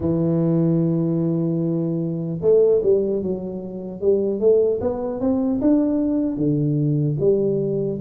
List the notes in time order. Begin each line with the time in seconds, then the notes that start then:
0.00 E3
2.41 A3
2.82 G3
3.22 F#3
4.00 G3
4.40 A3
4.80 B3
5.20 C4
5.61 D4
6.36 D3
7.20 G3